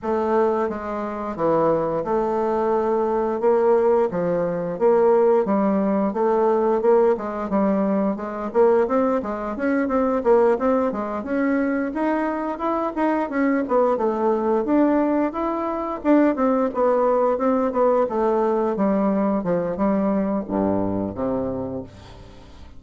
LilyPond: \new Staff \with { instrumentName = "bassoon" } { \time 4/4 \tempo 4 = 88 a4 gis4 e4 a4~ | a4 ais4 f4 ais4 | g4 a4 ais8 gis8 g4 | gis8 ais8 c'8 gis8 cis'8 c'8 ais8 c'8 |
gis8 cis'4 dis'4 e'8 dis'8 cis'8 | b8 a4 d'4 e'4 d'8 | c'8 b4 c'8 b8 a4 g8~ | g8 f8 g4 g,4 c4 | }